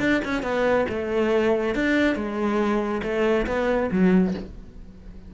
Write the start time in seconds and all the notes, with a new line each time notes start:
0.00 D4
0.25 C#4
0.43 B3
0.89 A3
1.75 D4
2.16 G#3
3.03 A3
3.47 B3
3.92 F#3